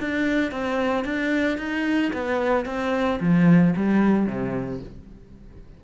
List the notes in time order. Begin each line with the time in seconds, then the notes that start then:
0.00 D4
0.51 C4
1.05 D4
1.58 D#4
2.13 B3
2.66 C4
3.20 F3
3.76 G3
4.26 C3